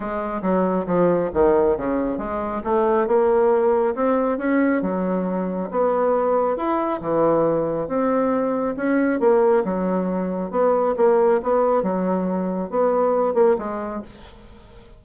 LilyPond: \new Staff \with { instrumentName = "bassoon" } { \time 4/4 \tempo 4 = 137 gis4 fis4 f4 dis4 | cis4 gis4 a4 ais4~ | ais4 c'4 cis'4 fis4~ | fis4 b2 e'4 |
e2 c'2 | cis'4 ais4 fis2 | b4 ais4 b4 fis4~ | fis4 b4. ais8 gis4 | }